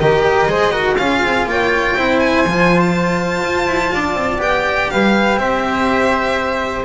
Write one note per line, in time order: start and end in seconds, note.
0.00 0.47 D#3
0.00 0.49 G4
0.00 0.50 A#4
0.00 0.96 D#5
0.47 0.96 G#3
0.47 0.72 G#4
0.47 0.72 C5
0.72 0.96 F#4
0.72 0.96 A#4
0.96 1.23 C#4
0.96 1.97 F4
0.96 1.49 G#4
0.96 1.45 F5
1.23 1.45 C4
1.45 1.95 A#3
1.45 1.98 C#5
1.45 2.19 G5
1.97 2.46 C4
1.97 2.46 E4
1.97 3.93 C5
2.19 2.80 G#5
2.46 3.44 F3
2.46 4.38 F4
2.80 4.40 A5
3.44 3.67 F4
3.67 3.92 E4
3.93 4.14 D4
3.93 4.92 D5
4.14 4.38 C4
4.38 4.87 B3
4.38 6.84 G4
4.38 4.90 G5
4.90 5.38 G3
4.90 5.39 B4
4.90 5.38 F5
5.38 6.85 C4
5.38 6.85 C5
5.38 6.85 E5